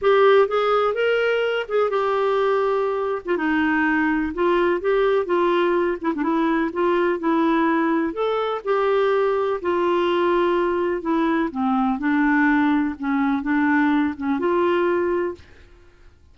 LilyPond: \new Staff \with { instrumentName = "clarinet" } { \time 4/4 \tempo 4 = 125 g'4 gis'4 ais'4. gis'8 | g'2~ g'8. f'16 dis'4~ | dis'4 f'4 g'4 f'4~ | f'8 e'16 d'16 e'4 f'4 e'4~ |
e'4 a'4 g'2 | f'2. e'4 | c'4 d'2 cis'4 | d'4. cis'8 f'2 | }